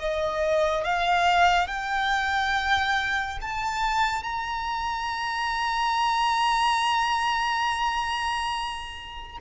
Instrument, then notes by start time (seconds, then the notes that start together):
violin
0.00 D#5
0.85 F5
1.68 G5
3.42 A5
4.24 A#5